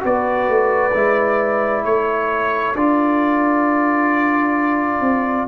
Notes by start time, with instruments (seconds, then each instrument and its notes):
0.00 tuba B3, trombone F#4, horn B4, trumpet D5
0.48 tuba A3
0.93 tuba G#3, trombone E4
1.84 tuba A3, horn A4, trumpet C#5
2.74 tuba D4, trombone F4, trumpet D5
5.01 tuba C4